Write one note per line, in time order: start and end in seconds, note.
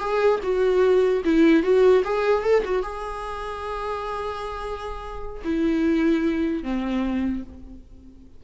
0.00 0.40 G#4
0.43 1.23 F#4
1.25 1.63 E4
1.63 2.03 F#4
2.04 2.43 G#4
2.43 2.63 A4
2.65 2.83 F#4
2.83 5.43 G#4
5.45 6.63 E4
6.63 7.43 C4